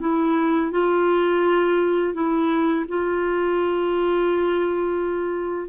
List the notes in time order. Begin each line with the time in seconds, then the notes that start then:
0.00 E4
0.71 F4
2.14 E4
2.88 F4